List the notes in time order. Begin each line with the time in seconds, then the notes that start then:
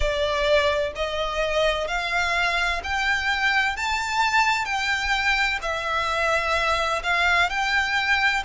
0.00 D5
0.95 D#5
1.87 F5
2.83 G5
3.76 A5
4.65 G5
5.62 E5
7.03 F5
7.49 G5